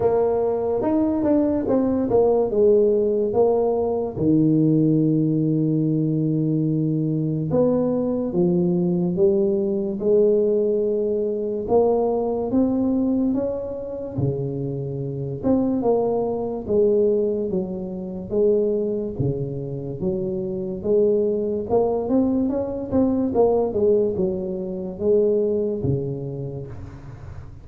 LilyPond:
\new Staff \with { instrumentName = "tuba" } { \time 4/4 \tempo 4 = 72 ais4 dis'8 d'8 c'8 ais8 gis4 | ais4 dis2.~ | dis4 b4 f4 g4 | gis2 ais4 c'4 |
cis'4 cis4. c'8 ais4 | gis4 fis4 gis4 cis4 | fis4 gis4 ais8 c'8 cis'8 c'8 | ais8 gis8 fis4 gis4 cis4 | }